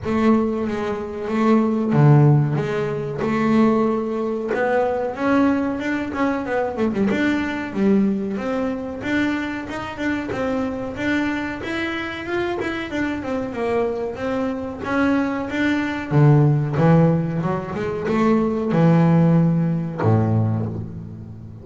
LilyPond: \new Staff \with { instrumentName = "double bass" } { \time 4/4 \tempo 4 = 93 a4 gis4 a4 d4 | gis4 a2 b4 | cis'4 d'8 cis'8 b8 a16 g16 d'4 | g4 c'4 d'4 dis'8 d'8 |
c'4 d'4 e'4 f'8 e'8 | d'8 c'8 ais4 c'4 cis'4 | d'4 d4 e4 fis8 gis8 | a4 e2 a,4 | }